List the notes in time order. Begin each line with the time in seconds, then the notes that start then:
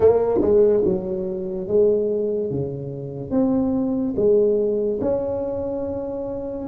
0.00 A#3
0.41 G#3
0.84 F#3
1.67 G#3
2.50 C#3
3.31 C4
4.16 G#3
5.01 C#4